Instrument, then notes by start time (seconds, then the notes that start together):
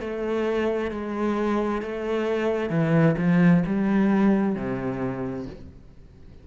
cello
0.00 A3
0.91 G#3
1.82 A3
2.70 E3
3.18 F3
3.66 G3
4.55 C3